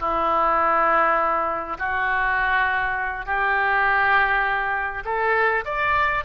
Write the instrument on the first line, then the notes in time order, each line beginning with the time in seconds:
oboe
0.00 E4
1.79 F#4
3.26 G4
5.05 A4
5.65 D5